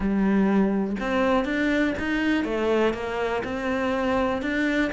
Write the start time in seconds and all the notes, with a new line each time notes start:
0.00 G3
1.00 C4
1.45 D4
1.98 D#4
2.44 A3
2.93 A#3
3.43 C4
4.42 D4